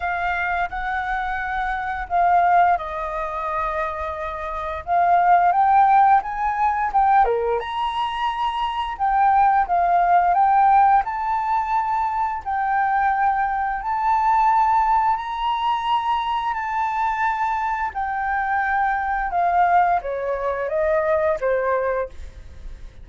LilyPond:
\new Staff \with { instrumentName = "flute" } { \time 4/4 \tempo 4 = 87 f''4 fis''2 f''4 | dis''2. f''4 | g''4 gis''4 g''8 ais'8 ais''4~ | ais''4 g''4 f''4 g''4 |
a''2 g''2 | a''2 ais''2 | a''2 g''2 | f''4 cis''4 dis''4 c''4 | }